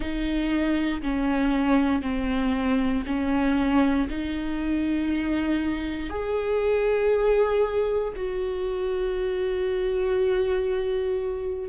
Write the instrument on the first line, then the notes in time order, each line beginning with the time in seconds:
viola
0.00 D#4
1.02 C#4
2.02 C4
3.06 C#4
4.09 D#4
6.09 G#4
8.16 F#4